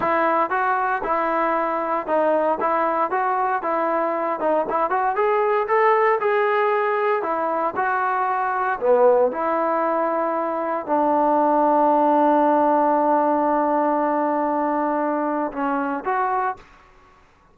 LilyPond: \new Staff \with { instrumentName = "trombone" } { \time 4/4 \tempo 4 = 116 e'4 fis'4 e'2 | dis'4 e'4 fis'4 e'4~ | e'8 dis'8 e'8 fis'8 gis'4 a'4 | gis'2 e'4 fis'4~ |
fis'4 b4 e'2~ | e'4 d'2.~ | d'1~ | d'2 cis'4 fis'4 | }